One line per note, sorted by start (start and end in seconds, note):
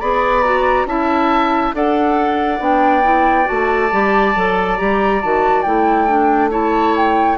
0.00 0.86 B3
0.00 0.43 G#4
0.00 0.87 D5
0.00 0.43 B5
0.43 0.87 F#4
0.43 0.87 A#5
0.86 1.72 C#4
0.86 1.74 E4
0.86 1.76 E5
0.86 1.74 A5
1.74 2.60 D4
1.74 2.59 A4
1.74 6.51 D5
1.74 2.62 F#5
2.59 3.47 B3
2.59 3.03 D4
2.59 3.48 G5
3.03 3.45 E4
3.45 3.92 A3
3.45 3.89 F#4
3.45 4.78 A5
3.92 4.36 G3
3.92 4.35 G4
4.36 4.79 F#3
4.36 4.78 A4
4.78 5.24 G3
4.78 5.22 G4
4.78 5.21 A#5
5.22 5.66 D#3
5.22 5.65 F#4
5.22 5.62 A5
5.62 7.38 A3
5.62 6.08 E4
5.62 6.49 G5
6.08 6.51 D4
6.51 7.38 E4
6.51 7.38 C#5
6.51 6.96 A5
6.97 7.38 G5